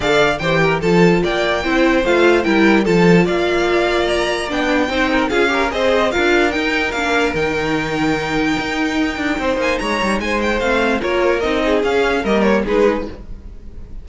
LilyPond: <<
  \new Staff \with { instrumentName = "violin" } { \time 4/4 \tempo 4 = 147 f''4 g''4 a''4 g''4~ | g''4 f''4 g''4 a''4 | f''2 ais''4 g''4~ | g''4 f''4 dis''4 f''4 |
g''4 f''4 g''2~ | g''2.~ g''8 gis''8 | ais''4 gis''8 g''8 f''4 cis''4 | dis''4 f''4 dis''8 cis''8 b'4 | }
  \new Staff \with { instrumentName = "violin" } { \time 4/4 d''4 c''8 ais'8 a'4 d''4 | c''2 ais'4 a'4 | d''1 | c''8 ais'8 gis'8 ais'8 c''4 ais'4~ |
ais'1~ | ais'2. c''4 | cis''4 c''2 ais'4~ | ais'8 gis'4. ais'4 gis'4 | }
  \new Staff \with { instrumentName = "viola" } { \time 4/4 a'4 g'4 f'2 | e'4 f'4 e'4 f'4~ | f'2. d'4 | dis'4 f'8 g'8 gis'4 f'4 |
dis'4 d'4 dis'2~ | dis'1~ | dis'2 c'4 f'4 | dis'4 cis'4 ais4 dis'4 | }
  \new Staff \with { instrumentName = "cello" } { \time 4/4 d4 e4 f4 ais4 | c'4 a4 g4 f4 | ais2. b4 | c'4 cis'4 c'4 d'4 |
dis'4 ais4 dis2~ | dis4 dis'4. d'8 c'8 ais8 | gis8 g8 gis4 a4 ais4 | c'4 cis'4 g4 gis4 | }
>>